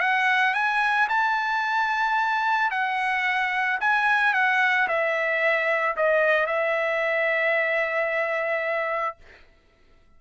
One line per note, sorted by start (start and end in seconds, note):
0.00 0.54 F#5
0.54 1.08 G#5
1.09 2.71 A5
2.71 3.79 F#5
3.80 4.34 G#5
4.34 4.88 F#5
4.88 5.96 E5
5.96 6.47 D#5
6.47 9.17 E5